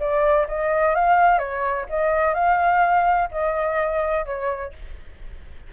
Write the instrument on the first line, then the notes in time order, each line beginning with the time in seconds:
flute
0.00 D5
0.48 D#5
0.95 F5
1.38 C#5
1.89 D#5
2.34 F5
3.31 D#5
4.25 C#5